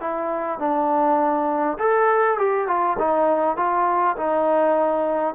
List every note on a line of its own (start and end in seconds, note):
0.00 0.59 E4
0.59 1.77 D4
1.78 2.37 A4
2.37 2.67 G4
2.67 2.97 F4
2.98 3.56 D#4
3.56 4.16 F4
4.17 5.34 D#4